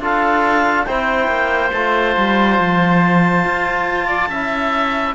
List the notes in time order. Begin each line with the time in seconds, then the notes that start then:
0.00 D4 F4 A4 F5
0.85 C4 E4 C5 G5
1.28 A#3
1.72 A3 F4 A5
2.17 G3
2.59 F3
3.45 F4
4.07 D5
4.29 C#4 E4 E5